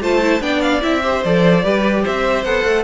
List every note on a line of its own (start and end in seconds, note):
0.00 0.40 A3
0.00 0.22 F4
0.00 0.41 C5
0.00 0.42 A5
0.22 0.40 E4
0.40 0.81 B3
0.40 0.81 D4
0.40 1.02 D5
0.40 0.61 G5
0.61 0.81 F5
0.81 1.24 C4
0.81 1.02 E4
0.81 1.23 E5
1.02 1.22 G4
1.02 1.64 C5
1.24 1.64 F3
1.24 1.63 A4
1.24 2.05 D5
1.63 2.04 G3
1.63 2.44 G4
1.63 2.02 B4
2.02 2.45 C4
2.02 2.84 C5
2.02 2.44 E5
2.44 2.65 B3
2.44 2.84 A4
2.44 2.84 F#5
2.65 2.84 A3